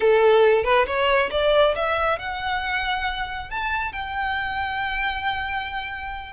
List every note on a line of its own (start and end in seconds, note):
0.00 0.64 A4
0.64 0.86 B4
0.86 1.30 C#5
1.30 1.74 D5
1.75 2.18 E5
2.18 3.50 F#5
3.50 3.92 A5
3.92 6.32 G5